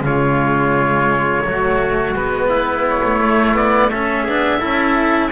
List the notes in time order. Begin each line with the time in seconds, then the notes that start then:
0.00 C#3 F4 C#5
0.07 G#3
1.44 F#3 A3 F#4
2.13 G#3 B3 B4
2.49 E4
2.89 C#5
3.04 A3
3.20 A3
3.54 B3 D5
3.90 C#4 A4 E5
4.24 B3 D4 G#4
4.59 C#4 E4 A4